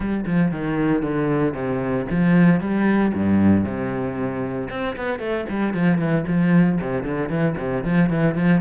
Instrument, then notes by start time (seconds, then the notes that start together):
cello
0.00 G3
0.26 F3
0.51 D#3
1.02 D3
1.53 C3
2.10 F3
2.60 G3
3.14 G2
3.64 C3
4.70 C4
4.96 B3
5.19 A3
5.49 G3
5.73 F3
5.98 E3
6.27 F3
6.80 C3
7.03 D3
7.29 E3
7.57 C3
7.84 F3
8.09 E3
8.35 F3